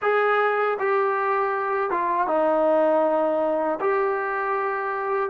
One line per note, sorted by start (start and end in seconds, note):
0.02 0.78 G#4
0.79 1.90 G4
1.90 2.27 F4
2.27 3.79 D#4
3.80 5.30 G4